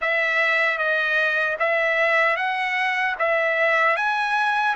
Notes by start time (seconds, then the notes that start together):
0.01 E5
0.78 D#5
1.59 E5
2.36 F#5
3.18 E5
3.96 G#5